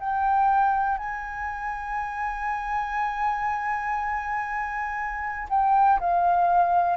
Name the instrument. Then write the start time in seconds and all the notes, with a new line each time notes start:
flute
0.00 G5
0.98 G#5
5.50 G5
6.00 F5